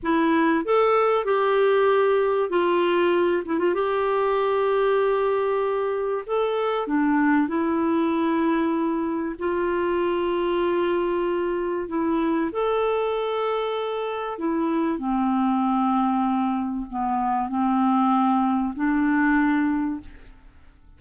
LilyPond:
\new Staff \with { instrumentName = "clarinet" } { \time 4/4 \tempo 4 = 96 e'4 a'4 g'2 | f'4. e'16 f'16 g'2~ | g'2 a'4 d'4 | e'2. f'4~ |
f'2. e'4 | a'2. e'4 | c'2. b4 | c'2 d'2 | }